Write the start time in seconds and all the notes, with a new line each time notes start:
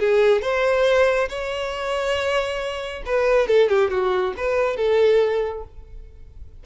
0.00 G#4
0.42 C5
1.30 C#5
3.06 B4
3.48 A4
3.70 G4
3.91 F#4
4.38 B4
4.77 A4